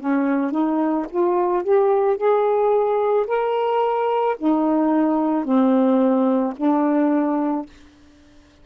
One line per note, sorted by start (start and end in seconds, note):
0.00 0.51 C#4
0.51 1.06 D#4
1.10 1.63 F4
1.63 2.17 G4
2.17 3.26 G#4
3.27 4.36 A#4
4.38 5.44 D#4
5.44 6.54 C4
6.57 7.66 D4